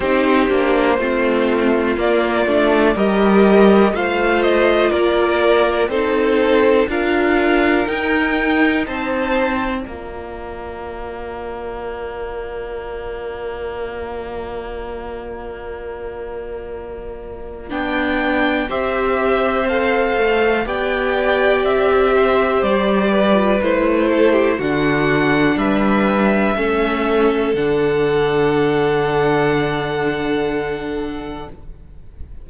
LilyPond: <<
  \new Staff \with { instrumentName = "violin" } { \time 4/4 \tempo 4 = 61 c''2 d''4 dis''4 | f''8 dis''8 d''4 c''4 f''4 | g''4 a''4 ais''2~ | ais''1~ |
ais''2 g''4 e''4 | f''4 g''4 e''4 d''4 | c''4 fis''4 e''2 | fis''1 | }
  \new Staff \with { instrumentName = "violin" } { \time 4/4 g'4 f'2 ais'4 | c''4 ais'4 a'4 ais'4~ | ais'4 c''4 d''2~ | d''1~ |
d''2. c''4~ | c''4 d''4. c''4 b'8~ | b'8 a'16 g'16 fis'4 b'4 a'4~ | a'1 | }
  \new Staff \with { instrumentName = "viola" } { \time 4/4 dis'8 d'8 c'4 ais8 d'8 g'4 | f'2 dis'4 f'4 | dis'2 f'2~ | f'1~ |
f'2 d'4 g'4 | a'4 g'2~ g'8. f'16 | e'4 d'2 cis'4 | d'1 | }
  \new Staff \with { instrumentName = "cello" } { \time 4/4 c'8 ais8 a4 ais8 a8 g4 | a4 ais4 c'4 d'4 | dis'4 c'4 ais2~ | ais1~ |
ais2 b4 c'4~ | c'8 a8 b4 c'4 g4 | a4 d4 g4 a4 | d1 | }
>>